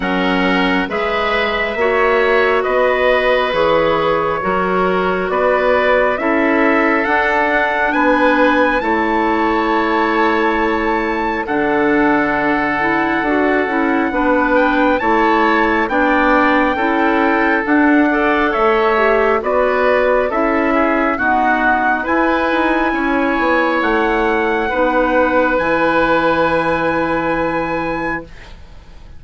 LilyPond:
<<
  \new Staff \with { instrumentName = "trumpet" } { \time 4/4 \tempo 4 = 68 fis''4 e''2 dis''4 | cis''2 d''4 e''4 | fis''4 gis''4 a''2~ | a''4 fis''2.~ |
fis''8 g''8 a''4 g''2 | fis''4 e''4 d''4 e''4 | fis''4 gis''2 fis''4~ | fis''4 gis''2. | }
  \new Staff \with { instrumentName = "oboe" } { \time 4/4 ais'4 b'4 cis''4 b'4~ | b'4 ais'4 b'4 a'4~ | a'4 b'4 cis''2~ | cis''4 a'2. |
b'4 cis''4 d''4 a'4~ | a'8 d''8 cis''4 b'4 a'8 gis'8 | fis'4 b'4 cis''2 | b'1 | }
  \new Staff \with { instrumentName = "clarinet" } { \time 4/4 cis'4 gis'4 fis'2 | gis'4 fis'2 e'4 | d'2 e'2~ | e'4 d'4. e'8 fis'8 e'8 |
d'4 e'4 d'4 e'4 | d'8 a'4 g'8 fis'4 e'4 | b4 e'2. | dis'4 e'2. | }
  \new Staff \with { instrumentName = "bassoon" } { \time 4/4 fis4 gis4 ais4 b4 | e4 fis4 b4 cis'4 | d'4 b4 a2~ | a4 d2 d'8 cis'8 |
b4 a4 b4 cis'4 | d'4 a4 b4 cis'4 | dis'4 e'8 dis'8 cis'8 b8 a4 | b4 e2. | }
>>